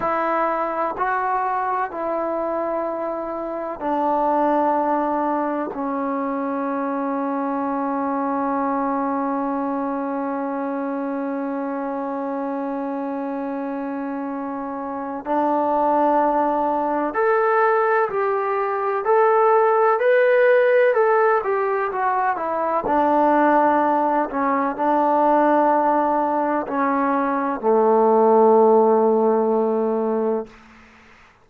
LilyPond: \new Staff \with { instrumentName = "trombone" } { \time 4/4 \tempo 4 = 63 e'4 fis'4 e'2 | d'2 cis'2~ | cis'1~ | cis'1 |
d'2 a'4 g'4 | a'4 b'4 a'8 g'8 fis'8 e'8 | d'4. cis'8 d'2 | cis'4 a2. | }